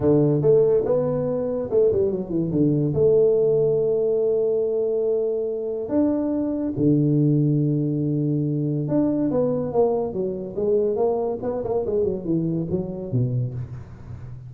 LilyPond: \new Staff \with { instrumentName = "tuba" } { \time 4/4 \tempo 4 = 142 d4 a4 b2 | a8 g8 fis8 e8 d4 a4~ | a1~ | a2 d'2 |
d1~ | d4 d'4 b4 ais4 | fis4 gis4 ais4 b8 ais8 | gis8 fis8 e4 fis4 b,4 | }